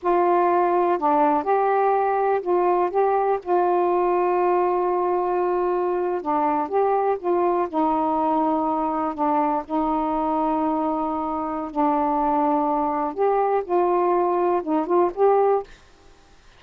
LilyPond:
\new Staff \with { instrumentName = "saxophone" } { \time 4/4 \tempo 4 = 123 f'2 d'4 g'4~ | g'4 f'4 g'4 f'4~ | f'1~ | f'8. d'4 g'4 f'4 dis'16~ |
dis'2~ dis'8. d'4 dis'16~ | dis'1 | d'2. g'4 | f'2 dis'8 f'8 g'4 | }